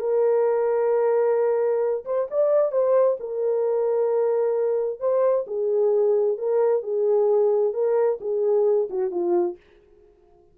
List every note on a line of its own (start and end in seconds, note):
0.00 2.05 A#4
2.05 2.28 C5
2.31 2.72 D5
2.72 3.17 C5
3.20 5.00 A#4
5.00 5.45 C5
5.47 6.38 G#4
6.38 6.83 A#4
6.83 7.74 G#4
7.74 8.19 A#4
8.21 8.89 G#4
8.90 9.11 F#4
9.11 9.57 F4